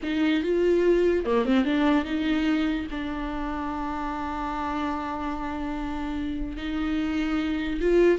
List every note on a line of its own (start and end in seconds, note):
0.02 0.43 D#4
0.43 1.25 F4
1.25 1.45 A#3
1.45 1.64 C4
1.64 2.04 D4
2.04 2.87 D#4
2.91 6.56 D4
6.56 7.80 D#4
7.80 8.18 F4